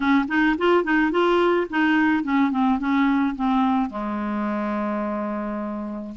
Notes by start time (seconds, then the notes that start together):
0.00 C#4
0.28 D#4
0.58 F4
0.83 D#4
1.11 F4
1.70 D#4
2.23 C#4
2.51 C4
2.79 C#4
3.35 C4
3.90 G#3